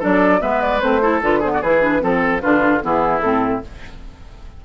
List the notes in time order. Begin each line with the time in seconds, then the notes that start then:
0.00 F#3 D4 A4 D5
0.40 G#3 B3 B4 E5
0.62 D5
0.81 A3 C4 C5
1.02 E4 A4
1.22 D3 F4 B4
1.40 B3 G#4 C5
1.54 F#4 D5
1.62 E3 E4 G#4 B4
1.81 D4
2.01 F3 C4 A4
2.41 D3 D4 F4 B4
2.81 E3 B3 E4 G#4
3.22 A2 C4 A4